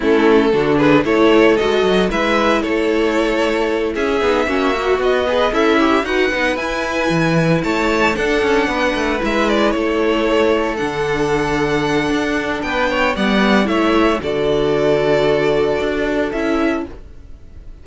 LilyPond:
<<
  \new Staff \with { instrumentName = "violin" } { \time 4/4 \tempo 4 = 114 a'4. b'8 cis''4 dis''4 | e''4 cis''2~ cis''8 e''8~ | e''4. dis''4 e''4 fis''8~ | fis''8 gis''2 a''4 fis''8~ |
fis''4. e''8 d''8 cis''4.~ | cis''8 fis''2.~ fis''8 | g''4 fis''4 e''4 d''4~ | d''2. e''4 | }
  \new Staff \with { instrumentName = "violin" } { \time 4/4 e'4 fis'8 gis'8 a'2 | b'4 a'2~ a'8 gis'8~ | gis'8 fis'4. b'8 e'4 b'8~ | b'2~ b'8 cis''4 a'8~ |
a'8 b'2 a'4.~ | a'1 | b'8 cis''8 d''4 cis''4 a'4~ | a'1 | }
  \new Staff \with { instrumentName = "viola" } { \time 4/4 cis'4 d'4 e'4 fis'4 | e'1 | dis'8 cis'8 fis'4 gis'8 a'8 g'8 fis'8 | dis'8 e'2. d'8~ |
d'4. e'2~ e'8~ | e'8 d'2.~ d'8~ | d'4 b4 e'4 fis'4~ | fis'2. e'4 | }
  \new Staff \with { instrumentName = "cello" } { \time 4/4 a4 d4 a4 gis8 fis8 | gis4 a2~ a8 cis'8 | b8 ais4 b4 cis'4 dis'8 | b8 e'4 e4 a4 d'8 |
cis'8 b8 a8 gis4 a4.~ | a8 d2~ d8 d'4 | b4 g4 a4 d4~ | d2 d'4 cis'4 | }
>>